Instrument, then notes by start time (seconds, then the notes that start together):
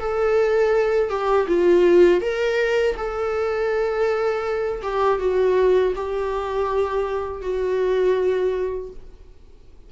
viola
0.00 A4
1.10 G4
1.48 F4
2.22 A#4
2.97 A4
4.83 G4
5.20 F#4
5.96 G4
7.42 F#4